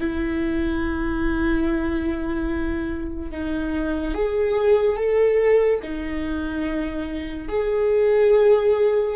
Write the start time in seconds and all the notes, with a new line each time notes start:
0.00 E4
3.31 D#4
4.15 G#4
4.97 A4
5.82 D#4
7.49 G#4